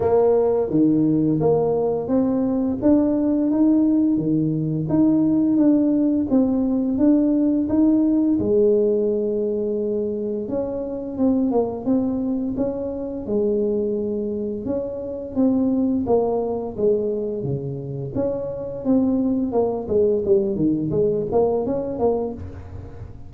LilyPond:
\new Staff \with { instrumentName = "tuba" } { \time 4/4 \tempo 4 = 86 ais4 dis4 ais4 c'4 | d'4 dis'4 dis4 dis'4 | d'4 c'4 d'4 dis'4 | gis2. cis'4 |
c'8 ais8 c'4 cis'4 gis4~ | gis4 cis'4 c'4 ais4 | gis4 cis4 cis'4 c'4 | ais8 gis8 g8 dis8 gis8 ais8 cis'8 ais8 | }